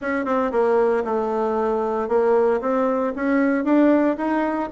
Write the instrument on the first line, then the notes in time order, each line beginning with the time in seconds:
bassoon
0.01 C#4
0.25 C4
0.51 A#3
1.04 A3
2.08 A#3
2.60 C4
3.15 C#4
3.64 D4
4.17 D#4